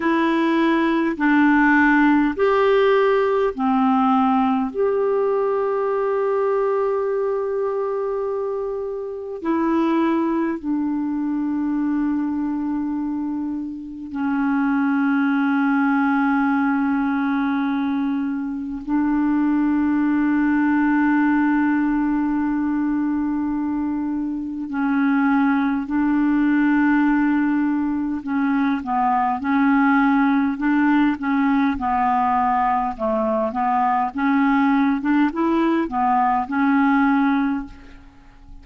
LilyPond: \new Staff \with { instrumentName = "clarinet" } { \time 4/4 \tempo 4 = 51 e'4 d'4 g'4 c'4 | g'1 | e'4 d'2. | cis'1 |
d'1~ | d'4 cis'4 d'2 | cis'8 b8 cis'4 d'8 cis'8 b4 | a8 b8 cis'8. d'16 e'8 b8 cis'4 | }